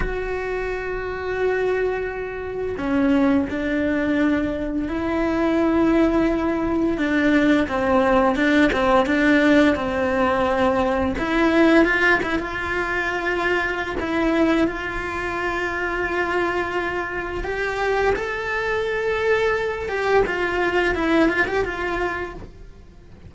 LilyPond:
\new Staff \with { instrumentName = "cello" } { \time 4/4 \tempo 4 = 86 fis'1 | cis'4 d'2 e'4~ | e'2 d'4 c'4 | d'8 c'8 d'4 c'2 |
e'4 f'8 e'16 f'2~ f'16 | e'4 f'2.~ | f'4 g'4 a'2~ | a'8 g'8 f'4 e'8 f'16 g'16 f'4 | }